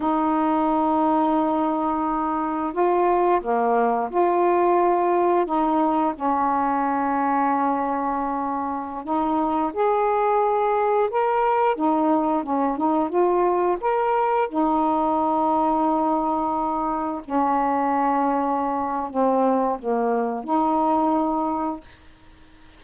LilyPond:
\new Staff \with { instrumentName = "saxophone" } { \time 4/4 \tempo 4 = 88 dis'1 | f'4 ais4 f'2 | dis'4 cis'2.~ | cis'4~ cis'16 dis'4 gis'4.~ gis'16~ |
gis'16 ais'4 dis'4 cis'8 dis'8 f'8.~ | f'16 ais'4 dis'2~ dis'8.~ | dis'4~ dis'16 cis'2~ cis'8. | c'4 ais4 dis'2 | }